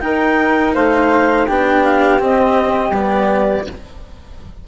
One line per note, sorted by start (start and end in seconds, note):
0.00 1.47 D#4
0.00 0.75 D#4
0.00 0.74 A#4
0.00 0.73 G5
0.74 1.49 A3
0.74 1.47 C5
0.74 1.48 F5
1.47 2.22 B3
1.47 2.19 D4
1.47 3.66 G4
1.47 1.84 G5
1.84 2.21 F5
2.19 2.92 C4
2.19 2.91 C4
2.19 2.95 D#5
2.91 3.64 G3
2.91 3.67 B3
2.91 3.68 D5